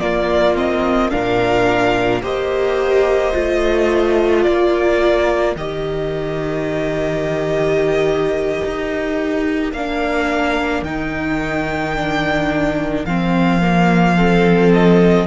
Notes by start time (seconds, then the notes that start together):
0.00 A#3 F4 D5
0.56 C4 D#5
1.11 A#2 D4 A#4 F5
2.22 A#3 G4 C5 D#5
3.33 A3 F4
4.44 A#3 A#4 D5
5.56 D#3 G4 D#5
8.66 D#4
9.73 A#3 D4 F5
10.82 D#3 D#4 G5
11.96 D4
13.05 F3 C4 F5
13.62 A#3
14.16 C4 A4
14.74 D#5